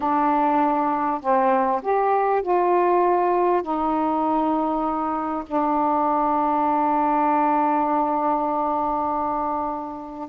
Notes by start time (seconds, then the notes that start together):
0.00 D4
1.21 C4
1.82 G4
2.42 F4
3.62 D#4
5.46 D4